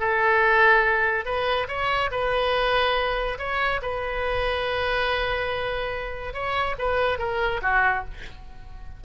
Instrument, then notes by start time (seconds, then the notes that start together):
oboe
0.00 A4
1.26 B4
1.69 C#5
2.12 B4
3.39 C#5
3.83 B4
6.34 C#5
6.79 B4
7.19 A#4
7.62 F#4